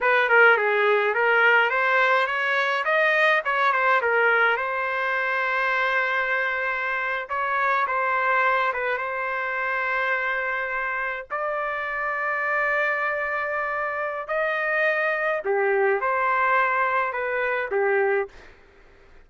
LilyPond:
\new Staff \with { instrumentName = "trumpet" } { \time 4/4 \tempo 4 = 105 b'8 ais'8 gis'4 ais'4 c''4 | cis''4 dis''4 cis''8 c''8 ais'4 | c''1~ | c''8. cis''4 c''4. b'8 c''16~ |
c''2.~ c''8. d''16~ | d''1~ | d''4 dis''2 g'4 | c''2 b'4 g'4 | }